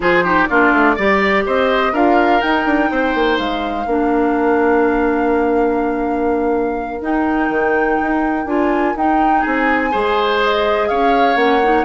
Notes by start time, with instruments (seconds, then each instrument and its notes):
0.00 bassoon F3, clarinet F4, oboe G#4, flute C5
0.24 clarinet D#4, oboe G4
0.45 bassoon A#3, clarinet D4, oboe F4, flute D5
0.72 bassoon A3
0.95 bassoon G3, clarinet G4, oboe D5
1.46 bassoon C4, oboe C5, flute D#5
1.92 bassoon D4, clarinet F4, oboe A#4, flute F5
2.41 clarinet D#4, bassoon D#4, flute G5
2.65 bassoon D4
2.91 bassoon C4, oboe C5
3.14 bassoon A#3
3.38 bassoon G#3, flute F5
3.86 bassoon A#3, clarinet D4, oboe A#4
7.00 bassoon D#4, clarinet D#4, flute G5
7.49 bassoon D#3
8.01 bassoon D#4
8.45 bassoon D4, clarinet F4, flute G#5
8.95 bassoon D#4, clarinet D#4, flute G5
9.40 bassoon C4, oboe G#4, flute G#5
9.91 bassoon G#3, clarinet G#4, oboe C5
10.43 flute D#5
10.88 bassoon C#4, oboe C#5, flute F5
11.35 bassoon A#3, clarinet C#4, flute F#5
11.63 clarinet D#4